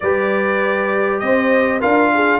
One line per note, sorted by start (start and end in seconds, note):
0.00 1.22 G3
0.00 1.80 G4
0.00 1.23 B4
0.00 1.19 D5
1.19 1.82 C4
1.19 1.80 C5
1.19 1.79 D#5
1.80 2.40 D4
1.80 2.40 F4
1.80 2.10 A#4
1.80 2.40 F5
2.14 2.40 G#4